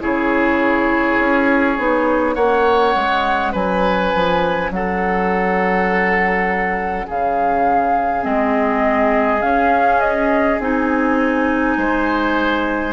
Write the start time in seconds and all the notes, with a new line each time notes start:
0.00 C#3 E4 G#4 C#5
1.20 C#4
1.78 B3 D#4
2.35 A#3 C#4 C#5 F#5
2.95 G#3
3.52 F#3 B4 G#5
4.15 F3
4.71 F#3 A4 F#5
7.06 C#3 G#4 F5
8.22 G#3 C4 D#5
9.42 C#4 F5
10.00 D#5
10.59 C4 D#4 G#5
11.77 G#3 C5